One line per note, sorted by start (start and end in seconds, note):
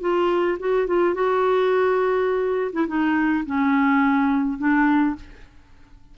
0.00 0.57 F4
0.59 0.87 F#4
0.87 1.14 F4
1.14 2.71 F#4
2.72 2.86 E4
2.87 3.44 D#4
3.45 4.58 C#4
4.58 5.15 D4